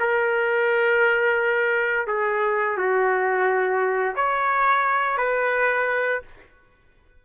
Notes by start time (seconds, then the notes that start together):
0.00 A#4
2.08 G#4
2.77 F#4
4.16 C#5
5.18 B4